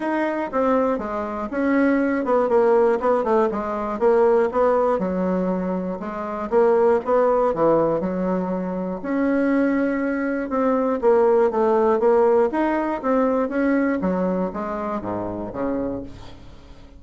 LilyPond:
\new Staff \with { instrumentName = "bassoon" } { \time 4/4 \tempo 4 = 120 dis'4 c'4 gis4 cis'4~ | cis'8 b8 ais4 b8 a8 gis4 | ais4 b4 fis2 | gis4 ais4 b4 e4 |
fis2 cis'2~ | cis'4 c'4 ais4 a4 | ais4 dis'4 c'4 cis'4 | fis4 gis4 gis,4 cis4 | }